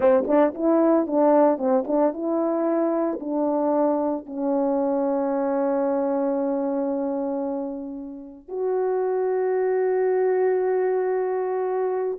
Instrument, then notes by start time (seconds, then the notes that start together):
horn
0.00 C4
0.27 D4
0.54 E4
1.06 D4
1.57 C4
1.87 D4
2.13 E4
3.20 D4
4.26 C#4
8.48 F#4